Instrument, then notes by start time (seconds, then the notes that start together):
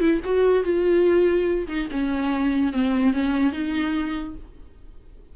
viola
0.00 E4
0.24 F#4
0.64 F4
1.68 D#4
1.91 C#4
2.73 C4
3.13 C#4
3.52 D#4